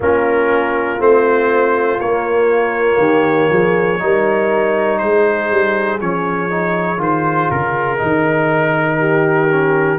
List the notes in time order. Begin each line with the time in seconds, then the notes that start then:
0.00 A#3 C#4 F4 A#4
0.98 A3 C4 C5
2.00 A#3 C#5
2.98 D#3 G4
3.49 F3 G#4
3.99 G3 D#4 A#4
4.98 G#3 G#4 C5
5.51 G3
6.00 F3 C#4 C#5
6.50 D#4
6.97 D#3 F4 C5
7.50 C#3 A#4
7.97 D#3 D#4
8.99 G4
9.51 C#4